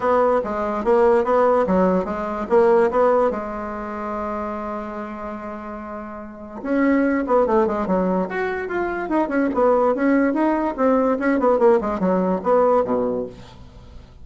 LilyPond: \new Staff \with { instrumentName = "bassoon" } { \time 4/4 \tempo 4 = 145 b4 gis4 ais4 b4 | fis4 gis4 ais4 b4 | gis1~ | gis1 |
cis'4. b8 a8 gis8 fis4 | fis'4 f'4 dis'8 cis'8 b4 | cis'4 dis'4 c'4 cis'8 b8 | ais8 gis8 fis4 b4 b,4 | }